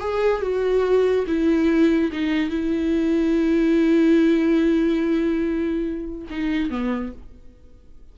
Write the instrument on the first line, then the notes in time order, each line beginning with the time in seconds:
viola
0.00 G#4
0.41 F#4
1.27 E4
2.12 D#4
2.50 E4
6.30 D#4
6.70 B3